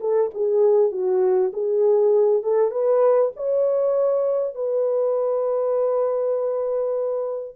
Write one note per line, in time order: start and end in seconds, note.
0.00 0.30 A4
0.34 0.91 G#4
0.91 1.52 F#4
1.53 2.43 G#4
2.43 2.71 A4
2.71 3.31 B4
3.36 4.55 C#5
4.55 7.56 B4